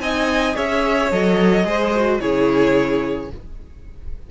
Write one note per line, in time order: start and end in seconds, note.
0.00 0.55 C4
0.00 0.54 D#4
0.00 0.55 D#5
0.00 0.55 G#5
0.54 1.11 C#4
0.54 1.09 G#4
0.54 1.65 C#5
0.54 1.11 E5
1.11 1.64 F#3
1.11 1.64 A4
1.11 2.20 D#5
1.64 2.19 G#3
1.64 1.92 G#4
1.64 2.20 C5
1.95 2.20 F#4
2.20 3.31 C#3
2.20 3.30 E4
2.20 3.30 G#4
2.20 3.30 C#5